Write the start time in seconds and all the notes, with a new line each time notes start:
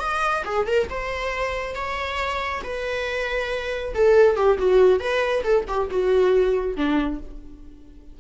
0.00 D#5
0.45 G#4
0.67 A#4
0.90 C5
1.75 C#5
2.64 B4
3.94 A4
4.36 G4
4.58 F#4
5.00 B4
5.43 A4
5.68 G4
5.91 F#4
6.77 D4